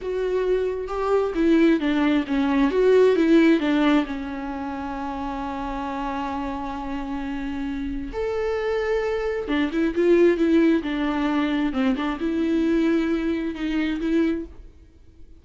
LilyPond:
\new Staff \with { instrumentName = "viola" } { \time 4/4 \tempo 4 = 133 fis'2 g'4 e'4 | d'4 cis'4 fis'4 e'4 | d'4 cis'2.~ | cis'1~ |
cis'2 a'2~ | a'4 d'8 e'8 f'4 e'4 | d'2 c'8 d'8 e'4~ | e'2 dis'4 e'4 | }